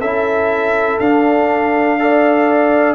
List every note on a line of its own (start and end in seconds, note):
0.00 0.98 C#4
0.00 1.01 E4
0.00 1.97 A4
0.00 0.99 E5
0.99 2.95 D4
0.99 1.99 D4
0.99 2.95 F5
1.99 2.95 A4
1.99 2.95 D5